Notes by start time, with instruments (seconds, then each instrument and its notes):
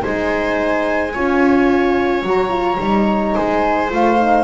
0.00 double bass G#3, horn D#4, viola C5, flute G#5
1.14 double bass C#4, horn F4, viola C#5
2.23 double bass F#3, horn F#4, flute A#5
2.50 horn F4
2.80 double bass G3, horn D#4
3.35 double bass G#3, viola C5, flute G#5
3.90 double bass A3, horn F4, flute F5
4.18 horn D#4